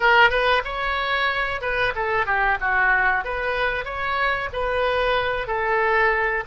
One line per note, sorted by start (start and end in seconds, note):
0.00 0.30 A#4
0.30 0.62 B4
0.64 1.61 C#5
1.61 1.93 B4
1.95 2.26 A4
2.26 2.58 G4
2.60 3.24 F#4
3.24 3.84 B4
3.84 4.49 C#5
4.52 5.47 B4
5.47 6.43 A4